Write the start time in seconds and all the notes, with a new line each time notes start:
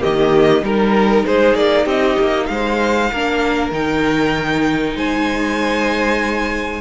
0.00 D#3 A#3 G4 D#5
0.62 G3 D#4 A#4
1.26 G#3 G#4 C5
1.55 A#3 D5
1.85 C4 G4 D#5
2.19 A#3
2.47 G#3 C5 F5
3.11 A#3 D4 A#4
3.72 D#3 D#4 G5
4.96 G#3 C5 G#5